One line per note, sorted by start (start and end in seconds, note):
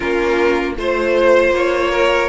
0.00 0.76 A#3
0.00 0.76 C#4
0.00 0.76 F4
0.00 0.74 A#4
0.76 1.50 A3
0.76 2.29 F4
0.76 1.54 C5
0.76 1.90 C5
1.50 2.27 A#3
1.50 2.29 C#5
1.90 2.29 A#4